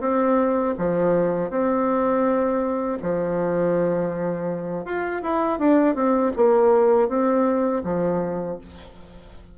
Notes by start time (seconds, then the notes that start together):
0.00 C4
0.77 F3
1.50 C4
3.02 F3
4.85 F4
5.22 E4
5.59 D4
5.95 C4
6.36 A#3
7.08 C4
7.84 F3